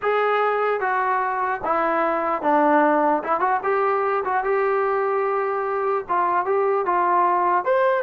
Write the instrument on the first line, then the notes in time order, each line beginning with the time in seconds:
trombone
0.01 G#4
0.80 F#4
1.64 E4
2.42 D4
3.23 E4
3.40 F#4
3.63 G4
4.24 F#4
4.44 G4
6.08 F4
6.45 G4
6.85 F4
7.65 C5